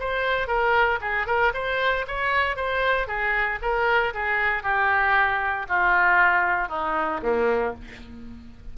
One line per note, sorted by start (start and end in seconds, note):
0.00 0.47 C5
0.47 0.99 A#4
1.01 1.27 G#4
1.27 1.53 A#4
1.54 2.06 C5
2.08 2.57 C#5
2.57 3.07 C5
3.07 3.59 G#4
3.62 4.14 A#4
4.14 4.63 G#4
4.63 5.66 G4
5.68 6.69 F4
6.69 7.21 D#4
7.23 7.75 A#3